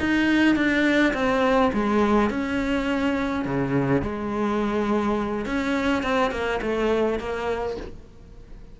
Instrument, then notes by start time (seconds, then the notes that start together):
cello
0.00 D#4
0.56 D4
1.14 C4
1.74 G#3
2.30 C#4
3.45 C#3
4.02 G#3
5.46 C#4
6.03 C4
6.31 A#3
6.62 A3
7.19 A#3